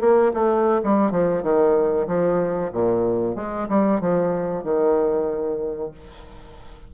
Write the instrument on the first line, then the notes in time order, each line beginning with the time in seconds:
bassoon
0.00 A#3
0.33 A3
0.83 G3
1.11 F3
1.43 D#3
2.07 F3
2.72 A#2
3.35 G#3
3.68 G3
4.00 F3
4.63 D#3